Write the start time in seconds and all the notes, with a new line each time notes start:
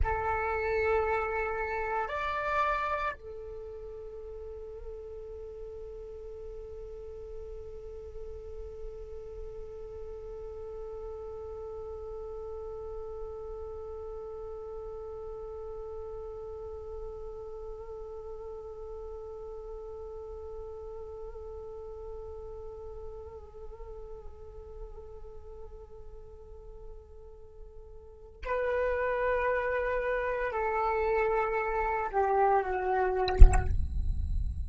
0.03 A4
2.08 D5
3.15 A4
28.44 B4
30.52 A4
32.11 G4
32.62 F#4